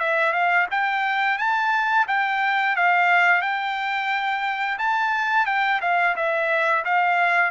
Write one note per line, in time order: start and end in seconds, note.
0.00 0.33 E5
0.33 0.67 F5
0.71 1.39 G5
1.39 2.07 A5
2.08 2.76 G5
2.76 3.42 F5
3.42 4.79 G5
4.79 5.46 A5
5.46 5.80 G5
5.82 6.16 F5
6.16 6.85 E5
6.85 7.52 F5